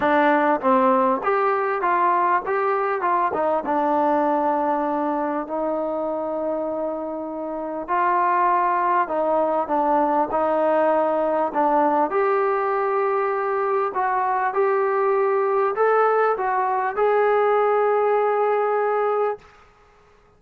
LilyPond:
\new Staff \with { instrumentName = "trombone" } { \time 4/4 \tempo 4 = 99 d'4 c'4 g'4 f'4 | g'4 f'8 dis'8 d'2~ | d'4 dis'2.~ | dis'4 f'2 dis'4 |
d'4 dis'2 d'4 | g'2. fis'4 | g'2 a'4 fis'4 | gis'1 | }